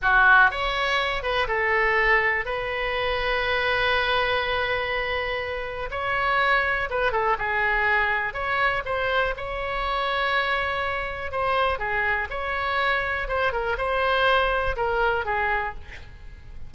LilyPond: \new Staff \with { instrumentName = "oboe" } { \time 4/4 \tempo 4 = 122 fis'4 cis''4. b'8 a'4~ | a'4 b'2.~ | b'1 | cis''2 b'8 a'8 gis'4~ |
gis'4 cis''4 c''4 cis''4~ | cis''2. c''4 | gis'4 cis''2 c''8 ais'8 | c''2 ais'4 gis'4 | }